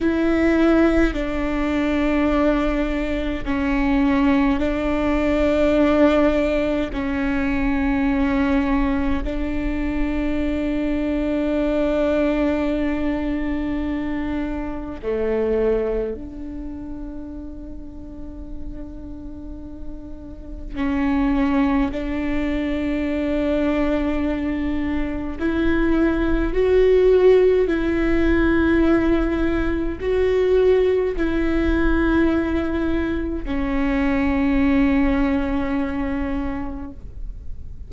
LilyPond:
\new Staff \with { instrumentName = "viola" } { \time 4/4 \tempo 4 = 52 e'4 d'2 cis'4 | d'2 cis'2 | d'1~ | d'4 a4 d'2~ |
d'2 cis'4 d'4~ | d'2 e'4 fis'4 | e'2 fis'4 e'4~ | e'4 cis'2. | }